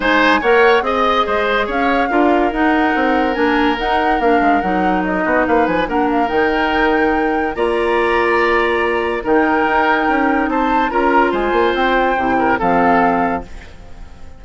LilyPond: <<
  \new Staff \with { instrumentName = "flute" } { \time 4/4 \tempo 4 = 143 gis''4 fis''4 dis''2 | f''2 fis''2 | gis''4 fis''4 f''4 fis''4 | dis''4 f''8 gis''8 fis''8 f''8 g''4~ |
g''2 ais''2~ | ais''2 g''2~ | g''4 a''4 ais''4 gis''4 | g''2 f''2 | }
  \new Staff \with { instrumentName = "oboe" } { \time 4/4 c''4 cis''4 dis''4 c''4 | cis''4 ais'2.~ | ais'1~ | ais'8 fis'8 b'4 ais'2~ |
ais'2 d''2~ | d''2 ais'2~ | ais'4 c''4 ais'4 c''4~ | c''4. ais'8 a'2 | }
  \new Staff \with { instrumentName = "clarinet" } { \time 4/4 dis'4 ais'4 gis'2~ | gis'4 f'4 dis'2 | d'4 dis'4 d'4 dis'4~ | dis'2 d'4 dis'4~ |
dis'2 f'2~ | f'2 dis'2~ | dis'2 f'2~ | f'4 e'4 c'2 | }
  \new Staff \with { instrumentName = "bassoon" } { \time 4/4 gis4 ais4 c'4 gis4 | cis'4 d'4 dis'4 c'4 | ais4 dis'4 ais8 gis8 fis4~ | fis8 b8 ais8 f8 ais4 dis4~ |
dis2 ais2~ | ais2 dis4 dis'4 | cis'4 c'4 cis'4 gis8 ais8 | c'4 c4 f2 | }
>>